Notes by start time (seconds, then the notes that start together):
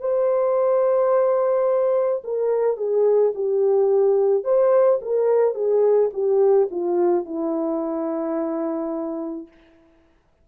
0.00 C5
2.24 A#4
2.77 G#4
3.35 G4
4.44 C5
5.02 A#4
5.54 G#4
6.13 G4
6.71 F4
7.25 E4